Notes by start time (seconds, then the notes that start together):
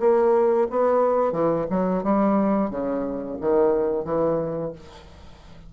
0.00 A#3
0.70 B3
1.32 E3
1.70 F#3
2.03 G3
2.71 C#3
3.41 D#3
4.05 E3